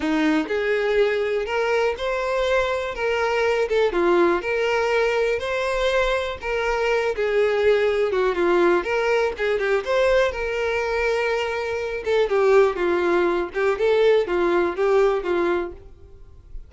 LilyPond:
\new Staff \with { instrumentName = "violin" } { \time 4/4 \tempo 4 = 122 dis'4 gis'2 ais'4 | c''2 ais'4. a'8 | f'4 ais'2 c''4~ | c''4 ais'4. gis'4.~ |
gis'8 fis'8 f'4 ais'4 gis'8 g'8 | c''4 ais'2.~ | ais'8 a'8 g'4 f'4. g'8 | a'4 f'4 g'4 f'4 | }